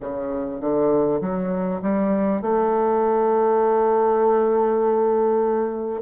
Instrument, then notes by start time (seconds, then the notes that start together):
bassoon
0.00 C#3
0.60 D3
1.20 F#3
1.82 G3
2.41 A3